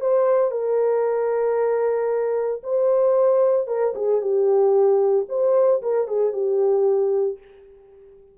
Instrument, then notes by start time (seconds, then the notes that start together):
horn
0.00 C5
0.51 A#4
2.63 C5
3.67 A#4
3.95 G#4
4.21 G4
5.28 C5
5.82 A#4
6.07 G#4
6.33 G4